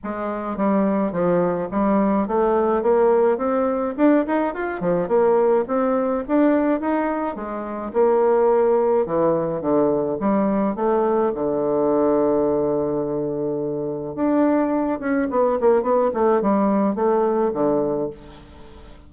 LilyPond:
\new Staff \with { instrumentName = "bassoon" } { \time 4/4 \tempo 4 = 106 gis4 g4 f4 g4 | a4 ais4 c'4 d'8 dis'8 | f'8 f8 ais4 c'4 d'4 | dis'4 gis4 ais2 |
e4 d4 g4 a4 | d1~ | d4 d'4. cis'8 b8 ais8 | b8 a8 g4 a4 d4 | }